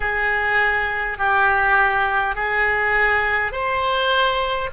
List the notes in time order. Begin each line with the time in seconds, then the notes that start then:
0.00 G#4
1.18 G4
2.35 G#4
3.52 C5